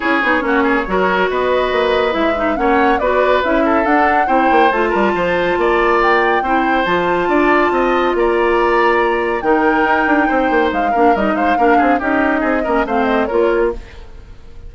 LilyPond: <<
  \new Staff \with { instrumentName = "flute" } { \time 4/4 \tempo 4 = 140 cis''2. dis''4~ | dis''4 e''4 fis''4 d''4 | e''4 fis''4 g''4 a''4~ | a''2 g''2 |
a''2. ais''4~ | ais''2 g''2~ | g''4 f''4 dis''8 f''4. | dis''2 f''8 dis''8 cis''4 | }
  \new Staff \with { instrumentName = "oboe" } { \time 4/4 gis'4 fis'8 gis'8 ais'4 b'4~ | b'2 cis''4 b'4~ | b'8 a'4. c''4. ais'8 | c''4 d''2 c''4~ |
c''4 d''4 dis''4 d''4~ | d''2 ais'2 | c''4. ais'4 c''8 ais'8 gis'8 | g'4 gis'8 ais'8 c''4 ais'4 | }
  \new Staff \with { instrumentName = "clarinet" } { \time 4/4 e'8 dis'8 cis'4 fis'2~ | fis'4 e'8 dis'8 cis'4 fis'4 | e'4 d'4 e'4 f'4~ | f'2. e'4 |
f'1~ | f'2 dis'2~ | dis'4. d'8 dis'4 d'4 | dis'4. cis'8 c'4 f'4 | }
  \new Staff \with { instrumentName = "bassoon" } { \time 4/4 cis'8 b8 ais4 fis4 b4 | ais4 gis4 ais4 b4 | cis'4 d'4 c'8 ais8 a8 g8 | f4 ais2 c'4 |
f4 d'4 c'4 ais4~ | ais2 dis4 dis'8 d'8 | c'8 ais8 gis8 ais8 g8 gis8 ais8 c'8 | cis'4 c'8 ais8 a4 ais4 | }
>>